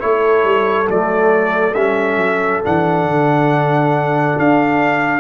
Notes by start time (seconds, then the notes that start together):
0.00 A3 E4 A4 C#5
0.44 G3
0.88 F#3 A3 D5
1.74 G3 C#4 E5
2.18 F#3
2.64 E3 D4 F#5
3.04 D3
4.38 D4 F5